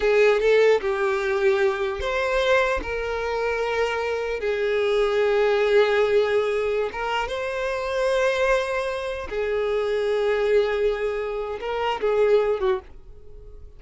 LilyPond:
\new Staff \with { instrumentName = "violin" } { \time 4/4 \tempo 4 = 150 gis'4 a'4 g'2~ | g'4 c''2 ais'4~ | ais'2. gis'4~ | gis'1~ |
gis'4~ gis'16 ais'4 c''4.~ c''16~ | c''2.~ c''16 gis'8.~ | gis'1~ | gis'4 ais'4 gis'4. fis'8 | }